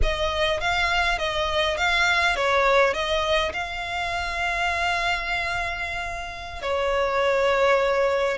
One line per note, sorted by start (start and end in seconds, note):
0.02 0.60 D#5
0.60 1.18 F5
1.18 1.77 D#5
1.77 2.36 F5
2.36 2.93 C#5
2.93 3.52 D#5
3.53 6.62 F5
6.62 8.37 C#5